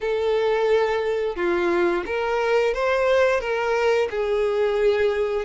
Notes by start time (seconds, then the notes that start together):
0.01 A4
1.35 F4
2.05 A#4
2.74 C5
3.40 A#4
4.10 G#4